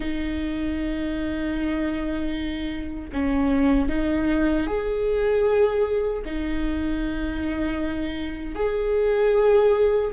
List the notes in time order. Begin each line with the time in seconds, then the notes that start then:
0.00 D#4
3.12 C#4
3.88 D#4
4.66 G#4
6.25 D#4
8.55 G#4